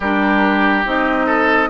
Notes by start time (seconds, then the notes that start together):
0.00 G3 D4 G4 A#4
0.85 C4 D#4 D#5
1.26 A4